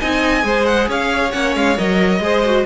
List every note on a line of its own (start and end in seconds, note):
0.00 0.44 C4
0.00 0.43 D#4
0.00 0.45 D#5
0.00 0.66 G#5
0.43 0.88 G#3
0.43 1.31 G#4
0.43 0.89 C5
0.66 0.88 F#5
0.89 1.33 C#4
0.89 2.22 C#5
0.89 1.32 F5
1.31 1.56 A#3
1.31 1.75 C#4
1.31 1.54 F#5
1.56 1.78 G#3
1.56 1.78 F5
1.78 2.20 F#3
1.78 2.22 A#4
1.78 2.66 D#5
2.20 2.65 G#3
2.20 2.45 G#4
2.20 2.66 C5
2.45 2.66 F#4